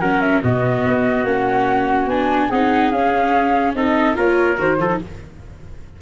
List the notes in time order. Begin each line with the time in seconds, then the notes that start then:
0.00 F#3 C#4 A#4 F#5
0.20 E5
0.42 B2 B3 F#4 D#5
0.86 B3
1.24 A#3 C#4 F#5
2.06 B3 D4 G#5
2.50 C4 D#4 G#4 F#5
2.91 C#4 F5
3.75 C4 D#4 A4 D#5
4.14 A#3 F4 A#4 C#5
4.57 D#3 F#4 C5
4.78 F3 F4 A4
4.89 D#4